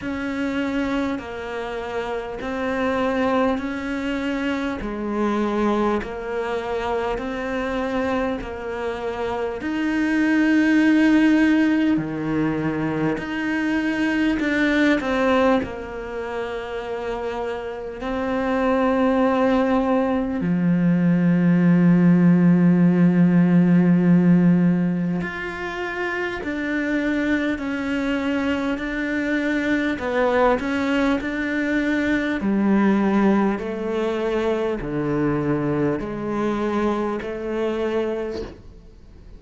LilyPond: \new Staff \with { instrumentName = "cello" } { \time 4/4 \tempo 4 = 50 cis'4 ais4 c'4 cis'4 | gis4 ais4 c'4 ais4 | dis'2 dis4 dis'4 | d'8 c'8 ais2 c'4~ |
c'4 f2.~ | f4 f'4 d'4 cis'4 | d'4 b8 cis'8 d'4 g4 | a4 d4 gis4 a4 | }